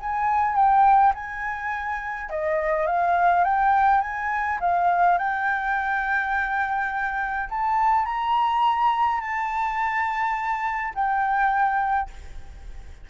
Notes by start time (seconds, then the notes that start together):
0.00 G#5
0.56 G5
1.15 G#5
2.30 D#5
2.87 F5
3.44 G5
4.01 G#5
4.60 F5
5.18 G5
7.49 A5
8.05 A#5
9.21 A5
10.95 G5